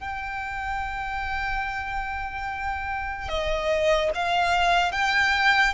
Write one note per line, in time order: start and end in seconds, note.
0.00 3.29 G5
3.29 4.11 D#5
4.15 4.92 F5
4.92 5.74 G5